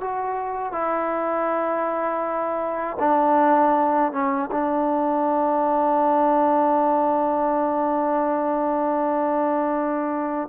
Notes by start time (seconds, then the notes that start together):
0.00 F#4
0.72 E4
2.99 D4
4.12 C#4
4.51 D4